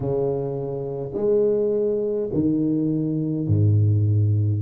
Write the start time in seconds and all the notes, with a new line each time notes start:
0.00 C#3
1.14 G#3
2.33 D#3
3.47 G#2